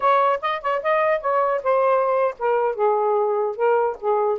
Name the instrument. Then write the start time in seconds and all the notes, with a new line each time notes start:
saxophone
0.00 C#5
0.41 D#5
0.61 C#5
0.82 D#5
1.20 C#5
1.63 C5
2.38 A#4
2.75 G#4
3.55 A#4
4.00 G#4